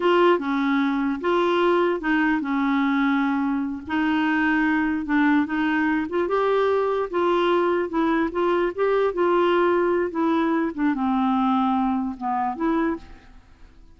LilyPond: \new Staff \with { instrumentName = "clarinet" } { \time 4/4 \tempo 4 = 148 f'4 cis'2 f'4~ | f'4 dis'4 cis'2~ | cis'4. dis'2~ dis'8~ | dis'8 d'4 dis'4. f'8 g'8~ |
g'4. f'2 e'8~ | e'8 f'4 g'4 f'4.~ | f'4 e'4. d'8 c'4~ | c'2 b4 e'4 | }